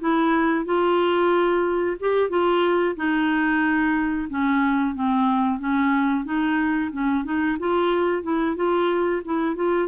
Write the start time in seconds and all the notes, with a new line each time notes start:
0.00 E4
0.65 F4
2.00 G4
2.30 F4
2.96 D#4
4.30 C#4
4.95 C4
5.60 C#4
6.25 D#4
6.92 C#4
7.25 D#4
7.59 F4
8.23 E4
8.56 F4
9.25 E4
9.56 F4